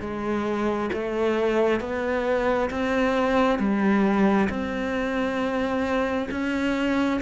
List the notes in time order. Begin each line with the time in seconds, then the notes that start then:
0.00 G#3
0.93 A3
1.80 B3
2.70 C4
3.59 G3
4.49 C4
6.31 C#4